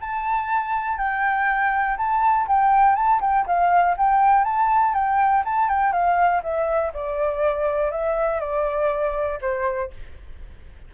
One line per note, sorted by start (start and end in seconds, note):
0.00 0.97 A5
0.97 1.97 G5
1.97 2.46 A5
2.47 2.95 G5
2.95 3.20 A5
3.21 3.45 G5
3.46 3.96 F5
3.97 4.44 G5
4.44 4.94 A5
4.94 5.43 G5
5.44 5.68 A5
5.68 5.92 G5
5.92 6.42 F5
6.42 6.92 E5
6.93 7.91 D5
7.91 8.40 E5
8.40 9.39 D5
9.41 9.91 C5